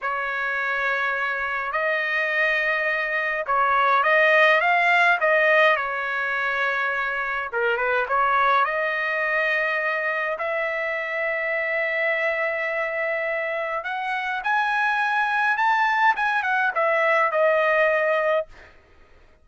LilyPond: \new Staff \with { instrumentName = "trumpet" } { \time 4/4 \tempo 4 = 104 cis''2. dis''4~ | dis''2 cis''4 dis''4 | f''4 dis''4 cis''2~ | cis''4 ais'8 b'8 cis''4 dis''4~ |
dis''2 e''2~ | e''1 | fis''4 gis''2 a''4 | gis''8 fis''8 e''4 dis''2 | }